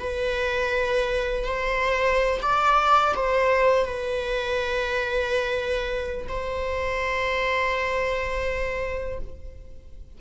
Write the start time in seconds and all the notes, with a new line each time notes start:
0.00 B4
1.45 C5
2.42 D5
3.16 C5
3.86 B4
6.29 C5